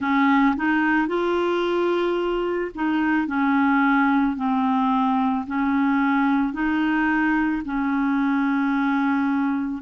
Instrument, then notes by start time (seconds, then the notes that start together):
clarinet
0.00 C#4
0.56 D#4
1.07 F4
2.74 D#4
3.27 C#4
4.36 C4
5.46 C#4
6.53 D#4
7.65 C#4